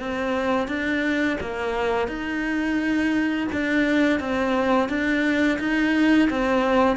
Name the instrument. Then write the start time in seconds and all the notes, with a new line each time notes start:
cello
0.00 C4
0.68 D4
1.41 A#3
2.08 D#4
3.53 D4
4.20 C4
4.89 D4
5.60 D#4
6.30 C4